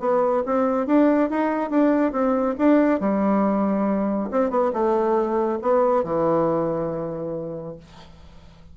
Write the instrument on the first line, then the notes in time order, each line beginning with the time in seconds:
bassoon
0.00 B3
0.46 C4
0.87 D4
1.30 D#4
1.71 D4
2.12 C4
2.58 D4
3.00 G3
4.31 C4
4.50 B3
4.73 A3
5.62 B3
6.04 E3